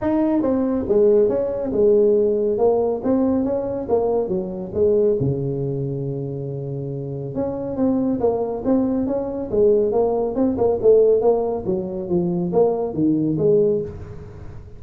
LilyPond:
\new Staff \with { instrumentName = "tuba" } { \time 4/4 \tempo 4 = 139 dis'4 c'4 gis4 cis'4 | gis2 ais4 c'4 | cis'4 ais4 fis4 gis4 | cis1~ |
cis4 cis'4 c'4 ais4 | c'4 cis'4 gis4 ais4 | c'8 ais8 a4 ais4 fis4 | f4 ais4 dis4 gis4 | }